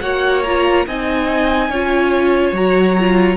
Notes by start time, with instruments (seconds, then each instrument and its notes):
0.00 cello A#3, viola F#4, violin C#5 F#5
0.43 viola F4, violin A#5
0.86 cello C4, viola D#4, violin D#5 G#5
1.69 cello C#4, viola F4, violin C#5
2.52 cello F#3, viola F#4, violin A#5
2.99 viola F4